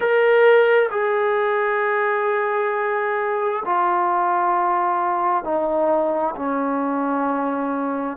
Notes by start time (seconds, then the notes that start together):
0.00 A#4
0.90 G#4
3.65 F4
5.43 D#4
6.36 C#4